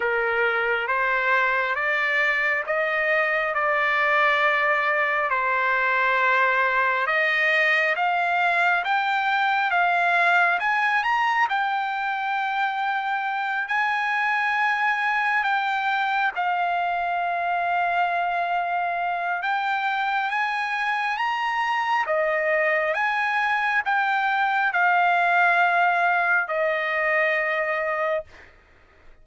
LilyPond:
\new Staff \with { instrumentName = "trumpet" } { \time 4/4 \tempo 4 = 68 ais'4 c''4 d''4 dis''4 | d''2 c''2 | dis''4 f''4 g''4 f''4 | gis''8 ais''8 g''2~ g''8 gis''8~ |
gis''4. g''4 f''4.~ | f''2 g''4 gis''4 | ais''4 dis''4 gis''4 g''4 | f''2 dis''2 | }